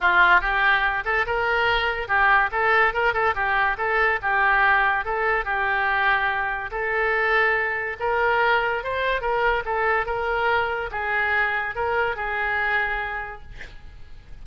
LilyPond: \new Staff \with { instrumentName = "oboe" } { \time 4/4 \tempo 4 = 143 f'4 g'4. a'8 ais'4~ | ais'4 g'4 a'4 ais'8 a'8 | g'4 a'4 g'2 | a'4 g'2. |
a'2. ais'4~ | ais'4 c''4 ais'4 a'4 | ais'2 gis'2 | ais'4 gis'2. | }